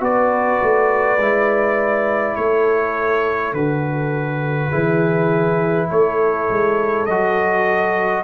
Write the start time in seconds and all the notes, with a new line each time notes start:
0.00 B3 F#4 B4 D5
0.62 A3
1.18 G#3 E4
2.36 A3 A4 C#5
3.52 D3 F#4 B4
4.69 E3 E4 G#4
5.89 A3 A4 C#5
6.50 G#3
7.06 F#3 F#4 D#5